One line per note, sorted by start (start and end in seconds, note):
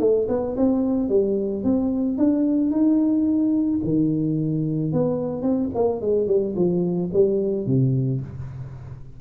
0.00 0.27 A3
0.29 0.56 B3
0.57 1.09 C4
1.09 1.64 G3
1.64 2.18 C4
2.18 2.71 D4
2.71 3.80 D#4
3.84 4.93 D#3
4.93 5.42 B3
5.42 5.70 C4
5.75 6.01 A#3
6.01 6.28 G#3
6.28 6.55 G3
6.56 7.11 F3
7.13 7.67 G3
7.67 8.21 C3